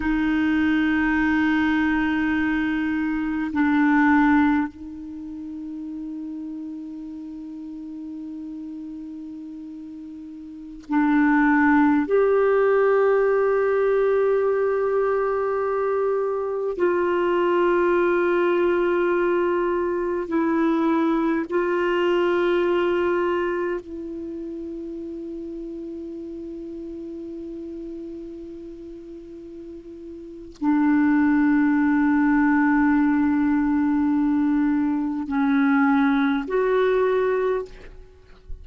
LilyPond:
\new Staff \with { instrumentName = "clarinet" } { \time 4/4 \tempo 4 = 51 dis'2. d'4 | dis'1~ | dis'4~ dis'16 d'4 g'4.~ g'16~ | g'2~ g'16 f'4.~ f'16~ |
f'4~ f'16 e'4 f'4.~ f'16~ | f'16 e'2.~ e'8.~ | e'2 d'2~ | d'2 cis'4 fis'4 | }